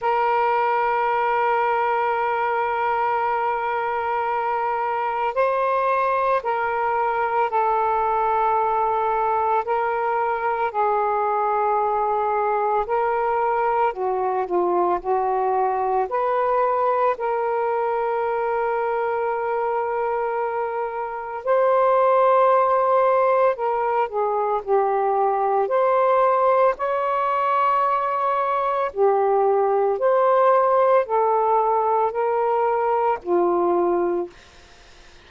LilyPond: \new Staff \with { instrumentName = "saxophone" } { \time 4/4 \tempo 4 = 56 ais'1~ | ais'4 c''4 ais'4 a'4~ | a'4 ais'4 gis'2 | ais'4 fis'8 f'8 fis'4 b'4 |
ais'1 | c''2 ais'8 gis'8 g'4 | c''4 cis''2 g'4 | c''4 a'4 ais'4 f'4 | }